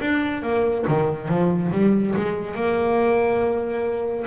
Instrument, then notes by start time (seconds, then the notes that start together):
double bass
0.00 D4
0.42 A#3
0.88 D#3
1.28 F3
1.71 G3
2.16 G#3
2.54 A#3